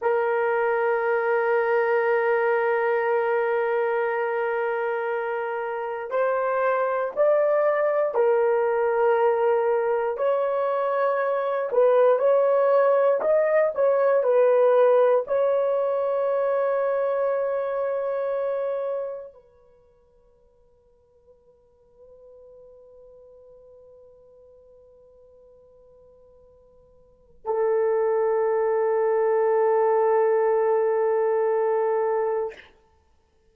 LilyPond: \new Staff \with { instrumentName = "horn" } { \time 4/4 \tempo 4 = 59 ais'1~ | ais'2 c''4 d''4 | ais'2 cis''4. b'8 | cis''4 dis''8 cis''8 b'4 cis''4~ |
cis''2. b'4~ | b'1~ | b'2. a'4~ | a'1 | }